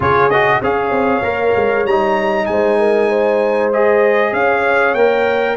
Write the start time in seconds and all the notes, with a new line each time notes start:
0.00 C#3 F4 G#4 C#5
0.30 F#4 D#5
0.61 C#4 G#4 C#5 F5
0.90 C4
1.22 A#3 A#4
1.56 G#3
1.85 G3 D#4 A#5
2.45 G#3 C5 G#5
2.78 A#4
3.09 C5
3.72 G#4 D#5
4.32 C#4 C#5 F5
4.94 A#3 A#4 G5